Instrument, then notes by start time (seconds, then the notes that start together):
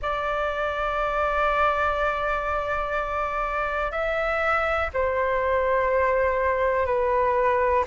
flute
0.02 D5
3.91 E5
4.93 C5
6.85 B4